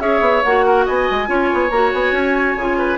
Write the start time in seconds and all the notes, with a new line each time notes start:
0.00 C#4 G#4 C#5 E5
0.21 B3
0.44 A#3 F#4 F#5
0.66 A#4
0.86 B3 D#5 G#5
1.11 G#3
1.26 C#4 F4 C#5
1.53 B3
1.71 A#3 F#4 A#5
1.93 B3 G#5
2.12 C#4
2.56 C#3 F4
2.78 B4